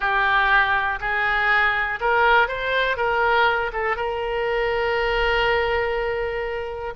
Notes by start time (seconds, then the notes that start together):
0.00 G4
1.00 G#4
2.00 A#4
2.47 C5
2.96 A#4
3.72 A4
3.96 A#4